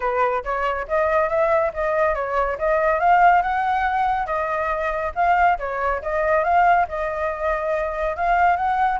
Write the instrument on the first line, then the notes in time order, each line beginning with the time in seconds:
flute
0.00 B4
0.44 C#5
0.88 D#5
1.29 E5
1.73 D#5
2.14 C#5
2.58 D#5
2.99 F5
3.41 F#5
4.26 D#5
5.15 F5
5.58 C#5
6.01 D#5
6.43 F5
6.88 D#5
8.16 F5
8.56 F#5